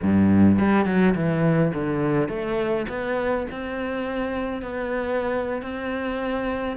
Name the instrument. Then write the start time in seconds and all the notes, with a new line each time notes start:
cello
0.02 G2
0.58 G3
0.85 F#3
1.14 E3
1.73 D3
2.28 A3
2.88 B3
3.51 C4
4.62 B3
5.61 C4